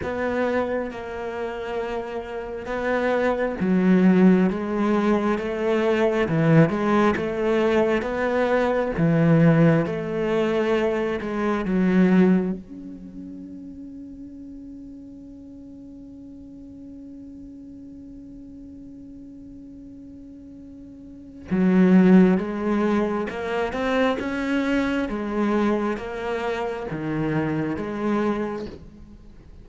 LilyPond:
\new Staff \with { instrumentName = "cello" } { \time 4/4 \tempo 4 = 67 b4 ais2 b4 | fis4 gis4 a4 e8 gis8 | a4 b4 e4 a4~ | a8 gis8 fis4 cis'2~ |
cis'1~ | cis'1 | fis4 gis4 ais8 c'8 cis'4 | gis4 ais4 dis4 gis4 | }